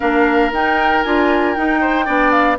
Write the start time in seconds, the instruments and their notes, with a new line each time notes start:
0.00 bassoon A#3, clarinet D4, oboe A#4, flute F5
0.52 bassoon D#4, clarinet D#4, flute G5
1.02 bassoon D4, clarinet F4, flute G#5
1.53 clarinet D#4, bassoon D#4, flute G5
1.80 oboe C5
2.05 bassoon B3, clarinet D4, oboe D5
2.31 flute F5